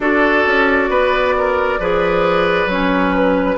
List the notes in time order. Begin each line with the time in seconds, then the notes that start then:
0.00 D4 F#4 A4 D5
0.46 C#4
0.89 B3 B4
1.37 A#4
1.79 F3 G#4 B4
2.65 F#3 C#4 C#5
3.15 B4